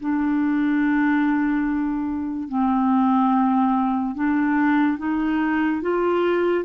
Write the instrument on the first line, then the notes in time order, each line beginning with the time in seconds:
clarinet
0.00 D4
2.48 C4
4.15 D4
4.98 D#4
5.81 F4